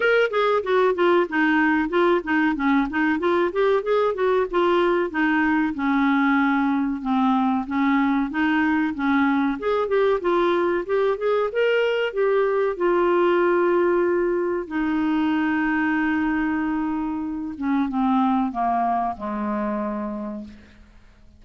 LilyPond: \new Staff \with { instrumentName = "clarinet" } { \time 4/4 \tempo 4 = 94 ais'8 gis'8 fis'8 f'8 dis'4 f'8 dis'8 | cis'8 dis'8 f'8 g'8 gis'8 fis'8 f'4 | dis'4 cis'2 c'4 | cis'4 dis'4 cis'4 gis'8 g'8 |
f'4 g'8 gis'8 ais'4 g'4 | f'2. dis'4~ | dis'2.~ dis'8 cis'8 | c'4 ais4 gis2 | }